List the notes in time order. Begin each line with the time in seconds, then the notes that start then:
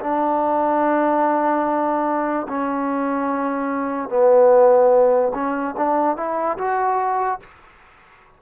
0.00 D4
2.48 C#4
4.09 B3
5.34 C#4
5.77 D4
6.16 E4
6.58 F#4